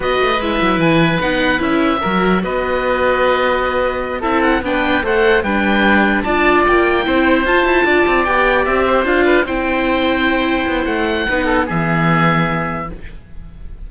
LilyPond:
<<
  \new Staff \with { instrumentName = "oboe" } { \time 4/4 \tempo 4 = 149 dis''4 e''4 gis''4 fis''4 | e''2 dis''2~ | dis''2~ dis''8 e''8 fis''8 g''8~ | g''8 fis''4 g''2 a''8~ |
a''8 g''2 a''4.~ | a''8 g''4 e''4 f''4 g''8~ | g''2. fis''4~ | fis''4 e''2. | }
  \new Staff \with { instrumentName = "oboe" } { \time 4/4 b'1~ | b'4 ais'4 b'2~ | b'2~ b'8 a'4 b'8~ | b'8 c''4 b'2 d''8~ |
d''4. c''2 d''8~ | d''2 c''4 b'8 c''8~ | c''1 | b'8 a'8 gis'2. | }
  \new Staff \with { instrumentName = "viola" } { \time 4/4 fis'4 e'2 dis'4 | e'4 fis'2.~ | fis'2~ fis'8 e'4 d'8~ | d'8 a'4 d'2 f'8~ |
f'4. e'4 f'4.~ | f'8 g'2 f'4 e'8~ | e'1 | dis'4 b2. | }
  \new Staff \with { instrumentName = "cello" } { \time 4/4 b8 a8 gis8 fis8 e4 b4 | cis'4 fis4 b2~ | b2~ b8 c'4 b8~ | b8 a4 g2 d'8~ |
d'8 ais4 c'4 f'8 e'8 d'8 | c'8 b4 c'4 d'4 c'8~ | c'2~ c'8 b8 a4 | b4 e2. | }
>>